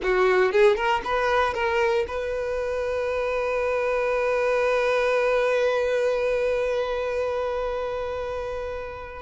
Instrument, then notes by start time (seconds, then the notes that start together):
violin
0.03 F#4
0.52 G#4
0.76 A#4
1.04 B4
1.54 A#4
2.07 B4